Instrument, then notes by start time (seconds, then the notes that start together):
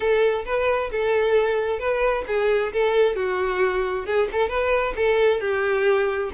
violin
0.00 A4
0.45 B4
0.91 A4
1.79 B4
2.27 G#4
2.72 A4
3.15 F#4
4.05 G#4
4.32 A4
4.49 B4
4.95 A4
5.40 G4